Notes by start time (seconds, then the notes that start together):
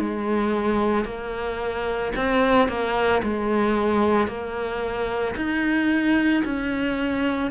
0.00 G#3
1.05 A#3
2.16 C4
2.69 A#3
3.23 G#3
4.28 A#3
5.37 D#4
6.45 C#4